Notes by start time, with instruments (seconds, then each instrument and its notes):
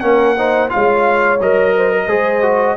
0.00 tuba A#3, trombone C#4, horn A#4, trumpet F#5
0.38 trombone D#4, horn C5
0.69 trombone F4, horn C#5, trumpet F5
0.75 tuba G#3
1.40 tuba F#3, trombone A#4, trumpet D#5
1.76 horn C5
1.91 horn A#4
2.07 tuba G#3, trombone G#4, horn C5
2.42 trombone F#4